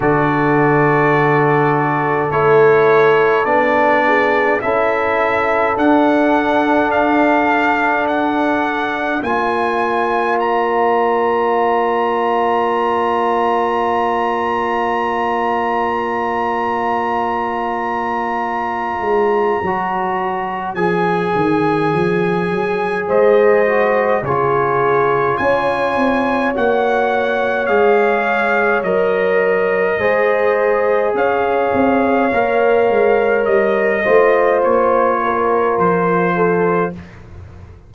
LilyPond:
<<
  \new Staff \with { instrumentName = "trumpet" } { \time 4/4 \tempo 4 = 52 d''2 cis''4 d''4 | e''4 fis''4 f''4 fis''4 | gis''4 ais''2.~ | ais''1~ |
ais''2 gis''2 | dis''4 cis''4 gis''4 fis''4 | f''4 dis''2 f''4~ | f''4 dis''4 cis''4 c''4 | }
  \new Staff \with { instrumentName = "horn" } { \time 4/4 a'2.~ a'8 gis'8 | a'1 | cis''1~ | cis''1~ |
cis''1 | c''4 gis'4 cis''2~ | cis''2 c''4 cis''4~ | cis''4. c''4 ais'4 a'8 | }
  \new Staff \with { instrumentName = "trombone" } { \time 4/4 fis'2 e'4 d'4 | e'4 d'2. | f'1~ | f'1~ |
f'4 fis'4 gis'2~ | gis'8 fis'8 f'2 fis'4 | gis'4 ais'4 gis'2 | ais'4. f'2~ f'8 | }
  \new Staff \with { instrumentName = "tuba" } { \time 4/4 d2 a4 b4 | cis'4 d'2. | ais1~ | ais1~ |
ais8 gis8 fis4 f8 dis8 f8 fis8 | gis4 cis4 cis'8 c'8 ais4 | gis4 fis4 gis4 cis'8 c'8 | ais8 gis8 g8 a8 ais4 f4 | }
>>